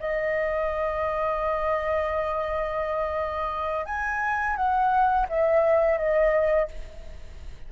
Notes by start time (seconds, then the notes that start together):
0.00 D#5
3.86 G#5
4.56 F#5
5.29 E5
5.98 D#5